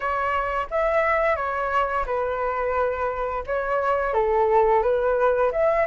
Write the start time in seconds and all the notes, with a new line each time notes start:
0.00 C#5
0.70 E5
1.36 C#5
2.06 B4
3.46 C#5
4.13 A4
4.82 B4
5.52 E5